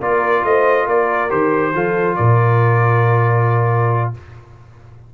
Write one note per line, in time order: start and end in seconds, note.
0.00 0.43 A#3
0.00 1.29 F4
0.00 0.43 A#4
0.00 0.44 D5
0.44 0.87 A3
0.44 0.86 C5
0.44 0.88 D#5
0.86 1.31 A#3
0.86 1.73 A#4
0.86 1.31 D5
1.29 1.75 D#3
1.29 1.73 G4
1.29 2.16 C5
1.74 2.18 F3
1.74 4.14 F4
1.74 2.17 A4
2.16 4.14 A#2
2.16 4.13 A#4
2.16 4.11 D5